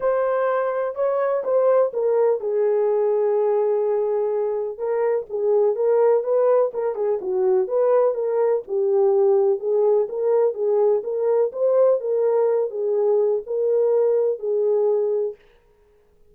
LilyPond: \new Staff \with { instrumentName = "horn" } { \time 4/4 \tempo 4 = 125 c''2 cis''4 c''4 | ais'4 gis'2.~ | gis'2 ais'4 gis'4 | ais'4 b'4 ais'8 gis'8 fis'4 |
b'4 ais'4 g'2 | gis'4 ais'4 gis'4 ais'4 | c''4 ais'4. gis'4. | ais'2 gis'2 | }